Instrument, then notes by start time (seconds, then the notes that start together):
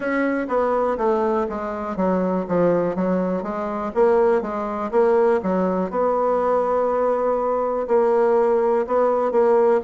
bassoon
0.00 C#4
0.47 B3
0.97 A3
1.49 G#3
1.96 F#3
2.48 F3
2.95 F#3
3.42 G#3
3.94 A#3
4.41 G#3
4.91 A#3
5.42 F#3
5.90 B3
7.87 A#3
8.86 B3
9.31 A#3